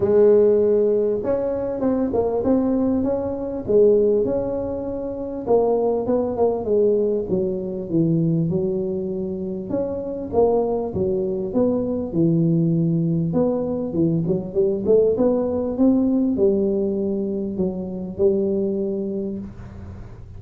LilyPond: \new Staff \with { instrumentName = "tuba" } { \time 4/4 \tempo 4 = 99 gis2 cis'4 c'8 ais8 | c'4 cis'4 gis4 cis'4~ | cis'4 ais4 b8 ais8 gis4 | fis4 e4 fis2 |
cis'4 ais4 fis4 b4 | e2 b4 e8 fis8 | g8 a8 b4 c'4 g4~ | g4 fis4 g2 | }